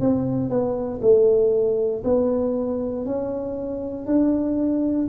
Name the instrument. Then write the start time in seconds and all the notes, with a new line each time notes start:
tuba
0.00 C4
0.49 B3
1.02 A3
2.04 B3
3.06 C#4
4.06 D4